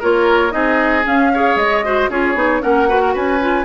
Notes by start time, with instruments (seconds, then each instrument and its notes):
0.00 bassoon A#3, clarinet F4, oboe A#4, flute C#5
0.51 bassoon C4, clarinet D#4, oboe G#4, flute D#5
1.03 clarinet C#4, bassoon C#4, flute F5
1.34 clarinet G#4, oboe C#5
1.56 bassoon G#3, flute D#5
1.84 clarinet F#4, oboe C5
2.09 bassoon C#4, clarinet F4, oboe G#4, flute C#5
2.35 bassoon B3, clarinet D#4
2.61 bassoon A#3, clarinet C#4, oboe A#4, flute F#5
2.87 clarinet F#4, oboe B4
3.01 oboe A#4
3.13 bassoon C#4, oboe B4, flute G#5
3.41 clarinet F4